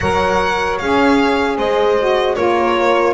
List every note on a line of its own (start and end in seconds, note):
0.00 0.80 F#3
0.00 0.81 A#4
0.00 1.57 C#5
0.00 0.78 F#5
0.78 1.58 C#4
0.78 1.99 G#4
0.78 1.57 F5
1.57 2.37 G#3
1.57 2.36 C5
1.57 2.35 D#5
1.99 2.36 F#4
2.35 3.13 A#3
2.35 3.13 F4
2.35 3.13 A#4
2.35 3.13 C#5